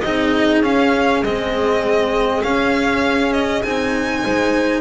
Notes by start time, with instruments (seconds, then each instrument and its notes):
0.00 double bass C4, cello D#4, horn G#4, violin D#5
0.61 double bass C#4, cello C#4, violin F5
1.22 double bass G#3, cello C4, violin D#5
2.42 cello C#4, double bass C#4, violin F5
3.32 violin D#5
3.62 double bass C4, cello D#4, violin G#5
4.22 double bass G#3, horn C5